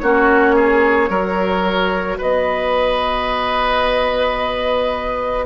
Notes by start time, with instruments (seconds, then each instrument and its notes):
0.00 bassoon A#3, clarinet C#4, oboe F#4, flute C#5
0.56 oboe G#4
1.10 bassoon F#3, clarinet F#4, oboe A#4
2.18 bassoon B3, oboe B4, flute D#5